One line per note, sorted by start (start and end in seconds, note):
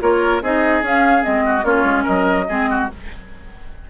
0.00 0.41 A#3
0.00 0.41 F4
0.00 0.42 A#4
0.00 0.42 C#5
0.41 0.82 C4
0.41 0.83 D#4
0.41 1.44 G#4
0.41 0.84 D#5
0.82 1.22 C#4
0.82 1.21 C#4
0.82 1.23 F5
1.21 1.63 G#3
1.21 1.61 C4
1.21 1.64 D#5
1.45 1.64 F#4
1.63 1.83 A#3
1.63 2.46 C#4
1.63 2.03 F4
1.63 2.05 C#5
1.83 2.04 G#3
2.03 2.48 F#3
2.03 2.44 A#4
2.03 2.87 D#5
2.48 2.89 G#3
2.48 2.89 C4
2.48 2.69 G#4
2.69 2.90 F#4